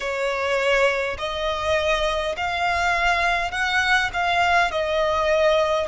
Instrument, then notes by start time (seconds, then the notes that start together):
violin
0.00 C#5
1.18 D#5
2.36 F5
3.51 F#5
4.13 F5
4.71 D#5